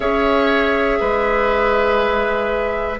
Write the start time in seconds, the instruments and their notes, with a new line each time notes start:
0.00 bassoon C#4, clarinet G#4, oboe C#5, flute E5
1.00 bassoon G#3, oboe B4